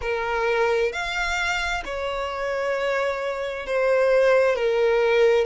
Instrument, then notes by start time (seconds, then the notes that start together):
violin
0.01 A#4
0.92 F5
1.85 C#5
3.66 C5
4.55 A#4